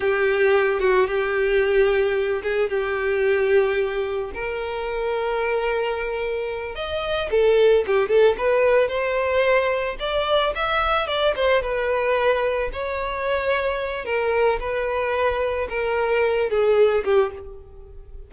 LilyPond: \new Staff \with { instrumentName = "violin" } { \time 4/4 \tempo 4 = 111 g'4. fis'8 g'2~ | g'8 gis'8 g'2. | ais'1~ | ais'8 dis''4 a'4 g'8 a'8 b'8~ |
b'8 c''2 d''4 e''8~ | e''8 d''8 c''8 b'2 cis''8~ | cis''2 ais'4 b'4~ | b'4 ais'4. gis'4 g'8 | }